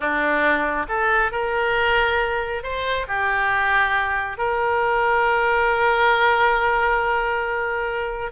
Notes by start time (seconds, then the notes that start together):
0.00 D4
0.88 A4
1.31 A#4
2.63 C5
3.07 G4
4.37 A#4